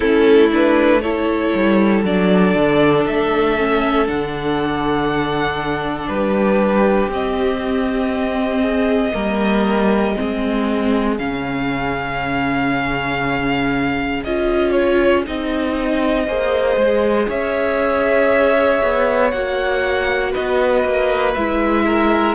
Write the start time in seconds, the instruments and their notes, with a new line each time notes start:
0.00 cello A3, viola C#4, violin E4 A4
0.51 viola D4, violin B4
1.01 viola E4, violin A4 C#5
1.54 cello G3
2.03 cello F#3, viola D4, violin D5
2.54 cello D3
3.06 cello A3, violin E5
3.57 viola C#4
4.06 cello D3, viola D4, violin F#5
6.08 cello G3, violin G4 B4
7.08 cello C4, viola C4, violin D#5
8.61 violin G#4
9.11 cello G3, viola A#3, violin A#4
10.14 viola C4, violin G#4
10.21 cello G#3
11.18 cello C#3, viola C#4, violin F5
14.24 cello C#4, viola F4, violin D#5
14.71 violin C#5
15.25 cello C4, viola D#4, violin D#5
16.27 cello A#3, viola G#4, violin C5
16.76 cello G#3
17.28 cello C#4, violin C#5 E5
18.82 cello B3
19.31 cello A#3, viola F#4, violin F#5
20.31 cello B3, violin B4 D#5
20.83 cello A#3
21.34 cello G#3, viola E4, violin E5
21.85 violin A#4